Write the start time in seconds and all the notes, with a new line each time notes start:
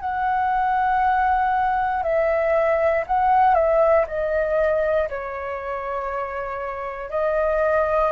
0.00 F#5
2.03 E5
3.07 F#5
3.55 E5
4.07 D#5
5.09 C#5
7.10 D#5